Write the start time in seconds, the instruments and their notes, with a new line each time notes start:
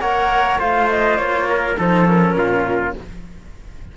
0.00 cello A#3 A#4, trumpet C#5, flute F#5
0.58 cello A3 F4, trumpet C5, flute F5
0.89 flute D#5
1.17 cello A#3, flute C#5
1.49 trumpet A#4
1.78 cello F3 D#4, trumpet A4, flute C5
2.05 cello C#4, flute A#4
2.36 cello A#2, trumpet F4